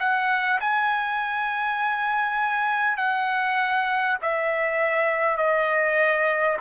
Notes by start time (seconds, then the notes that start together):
0.00 F#5
0.61 G#5
2.97 F#5
4.22 E5
5.37 D#5